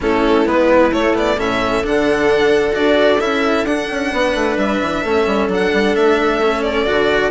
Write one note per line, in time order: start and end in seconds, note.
0.00 0.46 A3
0.00 0.45 C#4
0.00 1.36 E4
0.00 0.47 A4
0.45 0.92 G#3
0.45 0.91 B3
0.45 0.92 B4
0.92 1.36 A3
0.92 1.14 A3
0.92 1.15 C#5
1.14 1.36 B3
1.14 1.39 D5
1.36 1.82 A2
1.36 1.83 C#4
1.36 4.11 A4
1.36 1.85 E5
1.83 2.75 D3
1.83 2.71 D4
1.83 2.74 F#5
2.71 3.21 D4
2.71 3.17 F#4
2.71 3.20 D5
3.20 3.64 C#4
3.20 3.66 E4
3.20 3.65 E5
3.64 3.87 D4
3.64 5.05 D4
3.64 4.57 F#5
3.90 4.12 C#4
4.12 4.34 B3
4.12 5.02 B4
4.34 4.57 A3
4.57 4.79 G3
4.57 5.49 E5
4.82 5.04 E3
5.02 5.26 A3
5.02 5.49 C#4
5.02 7.30 A4
5.26 5.47 G3
5.47 5.70 F#3
5.47 6.41 D4
5.47 5.95 F#5
5.73 5.95 G3
5.95 6.87 A3
5.95 6.63 E5
6.41 6.85 C#4
6.63 7.30 D5
6.85 7.30 D3
6.85 7.30 F#4